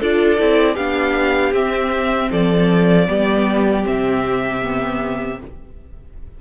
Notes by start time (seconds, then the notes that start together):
0.00 D4 F4 A4 D5
0.38 C4 E4
0.75 B3 D4 G4 F5
1.53 C4 E5
2.31 F3 A4 D5
3.08 G3 B3 G4
3.84 C3 C4 E5
4.63 B3